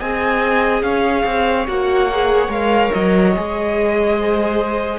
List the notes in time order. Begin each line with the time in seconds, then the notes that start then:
0.00 C4 G#4 D#5 G#5
0.82 C#4 C#5 F5
1.25 C4
1.67 A#3 F#4 F#5
2.12 G#4
2.48 G#3 A#4 F5
2.93 F#3 D#5
3.36 G#3 G#4
4.17 C5